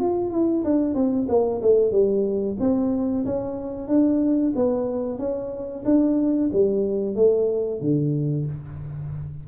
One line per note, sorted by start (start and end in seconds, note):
0.00 0.31 F4
0.31 0.63 E4
0.65 0.95 D4
0.95 1.27 C4
1.29 1.62 A#3
1.62 1.92 A3
1.92 2.57 G3
2.60 3.25 C4
3.26 3.88 C#4
3.88 4.53 D4
4.56 5.19 B3
5.19 5.84 C#4
5.85 6.51 D4
6.53 7.16 G3
7.16 7.81 A3
7.81 8.46 D3